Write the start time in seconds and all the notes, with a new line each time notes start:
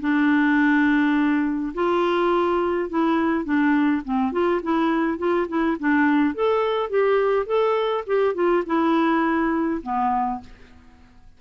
0.00 D4
1.74 F4
2.89 E4
3.44 D4
4.04 C4
4.32 F4
4.62 E4
5.18 F4
5.48 E4
5.79 D4
6.34 A4
6.89 G4
7.46 A4
8.06 G4
8.34 F4
8.66 E4
9.82 B3